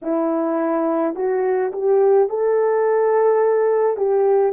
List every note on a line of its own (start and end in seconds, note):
0.02 1.15 E4
1.15 1.71 F#4
1.72 2.29 G4
2.29 3.96 A4
3.96 4.52 G4